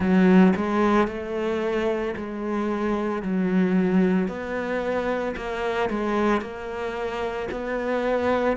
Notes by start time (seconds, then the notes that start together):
0.00 F#3
0.56 G#3
1.07 A3
2.16 G#3
3.22 F#3
4.28 B3
5.36 A#3
5.89 G#3
6.41 A#3
7.51 B3